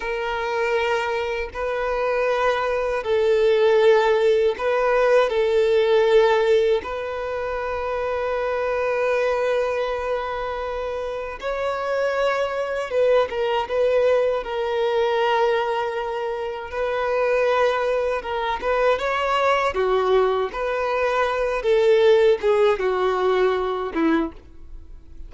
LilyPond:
\new Staff \with { instrumentName = "violin" } { \time 4/4 \tempo 4 = 79 ais'2 b'2 | a'2 b'4 a'4~ | a'4 b'2.~ | b'2. cis''4~ |
cis''4 b'8 ais'8 b'4 ais'4~ | ais'2 b'2 | ais'8 b'8 cis''4 fis'4 b'4~ | b'8 a'4 gis'8 fis'4. e'8 | }